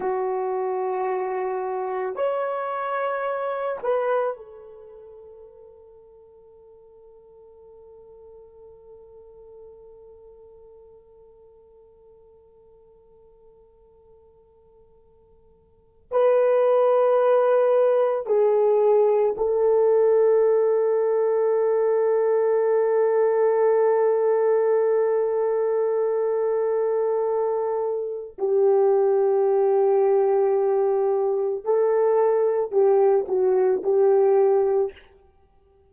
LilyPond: \new Staff \with { instrumentName = "horn" } { \time 4/4 \tempo 4 = 55 fis'2 cis''4. b'8 | a'1~ | a'1~ | a'2~ a'8. b'4~ b'16~ |
b'8. gis'4 a'2~ a'16~ | a'1~ | a'2 g'2~ | g'4 a'4 g'8 fis'8 g'4 | }